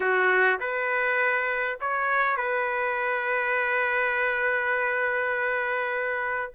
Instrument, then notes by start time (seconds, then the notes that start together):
trumpet
0.00 F#4
0.60 B4
1.80 C#5
2.36 B4